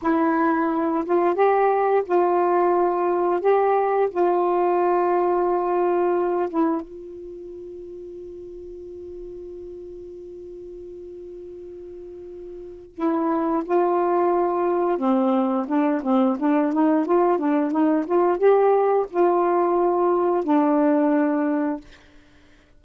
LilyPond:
\new Staff \with { instrumentName = "saxophone" } { \time 4/4 \tempo 4 = 88 e'4. f'8 g'4 f'4~ | f'4 g'4 f'2~ | f'4. e'8 f'2~ | f'1~ |
f'2. e'4 | f'2 c'4 d'8 c'8 | d'8 dis'8 f'8 d'8 dis'8 f'8 g'4 | f'2 d'2 | }